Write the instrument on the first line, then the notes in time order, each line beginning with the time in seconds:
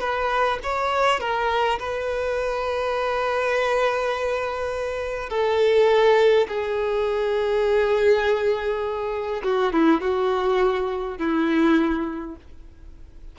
violin
0.00 B4
0.64 C#5
1.20 A#4
1.79 B4
5.30 A4
6.48 G#4
9.44 F#4
9.73 E4
10.01 F#4
11.18 E4